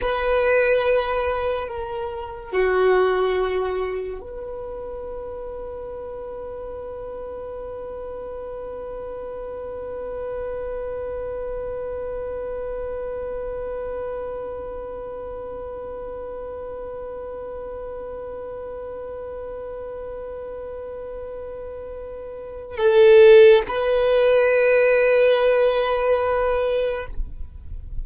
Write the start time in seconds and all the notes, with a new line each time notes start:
0.01 B4
1.68 A#4
2.52 F#4
4.20 B4
22.77 A4
23.67 B4